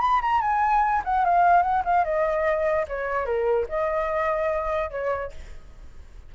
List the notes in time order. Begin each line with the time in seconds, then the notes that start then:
0.00 B5
0.21 A#5
0.41 G#5
1.04 F#5
1.24 F5
1.62 F#5
1.85 F5
2.04 D#5
2.88 C#5
3.25 A#4
3.68 D#5
4.90 C#5